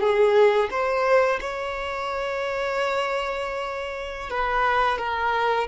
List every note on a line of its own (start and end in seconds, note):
0.00 0.69 G#4
0.70 1.39 C5
1.41 4.30 C#5
4.30 4.98 B4
4.98 5.67 A#4